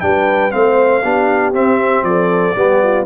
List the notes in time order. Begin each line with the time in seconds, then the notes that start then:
0.00 G3 D4 B4 G5
0.51 A3 C4 C5 F5
1.03 B3 D4 G4
1.53 C4 E5
2.02 F3 A4 D5
2.55 G3 B3 G4
2.83 F4